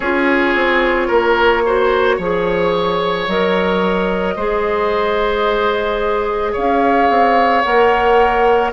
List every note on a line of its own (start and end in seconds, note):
0.00 0.54 C#4
0.00 1.65 F4
0.00 1.07 G#4
0.00 3.27 C#5
0.54 1.09 C4
1.07 2.18 A#3
1.07 1.62 A#4
1.65 2.20 F#4
1.65 2.16 C5
2.16 3.27 F3
2.16 3.28 G#4
2.16 4.34 C#5
3.27 4.36 F#3
3.27 4.37 A#4
3.27 6.55 D#5
4.35 6.54 G#3
4.35 7.64 G#4
4.35 6.52 C5
6.52 7.09 C#4
6.52 8.70 C#5
6.52 7.61 F5
7.09 7.63 C4
7.61 8.72 A#3
7.61 8.72 A#4
7.61 8.70 F#5